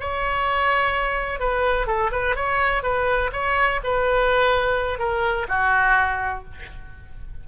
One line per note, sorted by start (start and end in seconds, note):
0.00 1.40 C#5
1.40 1.87 B4
1.87 2.11 A4
2.12 2.36 B4
2.36 2.83 C#5
2.83 3.31 B4
3.33 3.81 C#5
3.84 4.99 B4
4.99 5.47 A#4
5.49 6.45 F#4